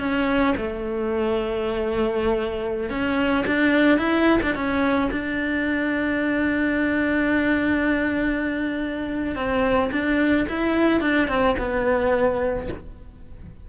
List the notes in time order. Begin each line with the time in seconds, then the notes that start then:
0.00 C#4
0.58 A3
2.90 C#4
3.47 D4
3.99 E4
4.43 D4
4.56 C#4
5.12 D4
9.36 C4
9.92 D4
10.49 E4
11.01 D4
11.28 C4
11.58 B3